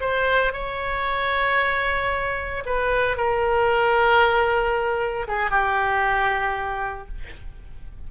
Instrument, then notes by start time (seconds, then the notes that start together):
oboe
0.00 C5
0.53 C#5
2.65 B4
3.17 A#4
5.27 G#4
5.50 G4